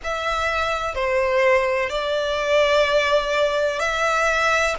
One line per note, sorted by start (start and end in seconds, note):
0.03 0.94 E5
0.94 1.89 C5
1.89 3.79 D5
3.79 4.74 E5